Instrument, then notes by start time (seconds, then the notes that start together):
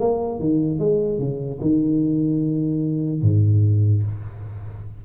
tuba
0.00 A#3
0.40 D#3
0.80 G#3
1.19 C#3
1.61 D#3
3.22 G#2